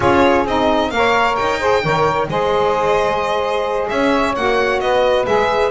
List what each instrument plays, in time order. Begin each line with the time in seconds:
0.00 double bass C#4, saxophone F4 G#4, violin C#5
0.45 double bass C4, saxophone D#4, violin D#5
0.90 double bass A#3, saxophone A#4 C#5, violin F5
1.35 double bass D#4, violin G5
1.59 saxophone G#4 C5
1.82 double bass D#3, saxophone A#4 C#5
2.28 double bass G#3, saxophone G#4 C5, violin D#5
3.88 double bass C#4, saxophone C#5, violin E5
4.35 double bass A#3, saxophone F#4, violin F#5
4.79 double bass B3, saxophone B4, violin D#5
5.26 double bass G#3, saxophone G#4, violin E5